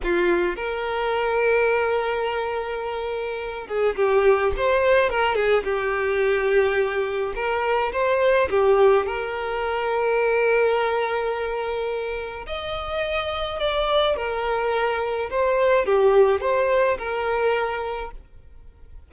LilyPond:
\new Staff \with { instrumentName = "violin" } { \time 4/4 \tempo 4 = 106 f'4 ais'2.~ | ais'2~ ais'8 gis'8 g'4 | c''4 ais'8 gis'8 g'2~ | g'4 ais'4 c''4 g'4 |
ais'1~ | ais'2 dis''2 | d''4 ais'2 c''4 | g'4 c''4 ais'2 | }